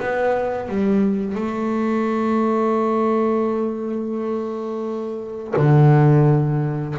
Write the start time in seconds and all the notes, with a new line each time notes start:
0.00 B3
0.69 G3
1.36 A3
5.57 D3